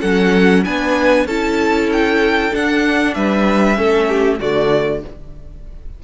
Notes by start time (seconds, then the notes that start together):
0.00 F#3 C#4 A4 F#5
0.64 B3 D4 B4 G#5
1.25 C#4 E4 A4 A5
1.92 G5
2.51 D4 F#5
3.14 G3 B4 E5
3.75 A3 C#4 A4
4.09 G4
4.39 D3 A3 F#4 D5